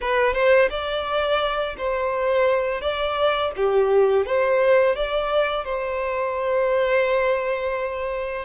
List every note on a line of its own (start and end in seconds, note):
0.01 0.33 B4
0.33 0.68 C5
0.69 1.75 D5
1.77 2.81 C5
2.81 3.51 D5
3.56 4.26 G4
4.26 4.95 C5
4.95 5.64 D5
5.64 8.45 C5